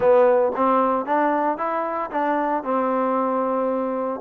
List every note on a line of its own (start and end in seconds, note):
0.00 0.51 B3
0.56 1.05 C4
1.05 1.57 D4
1.57 2.10 E4
2.11 2.63 D4
2.63 4.21 C4